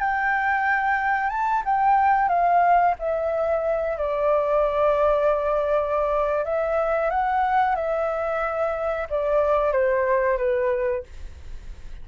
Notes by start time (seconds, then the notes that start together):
0.00 G5
1.30 A5
1.65 G5
2.29 F5
2.99 E5
3.98 D5
6.45 E5
7.11 F#5
7.76 E5
9.10 D5
9.72 C5
10.38 B4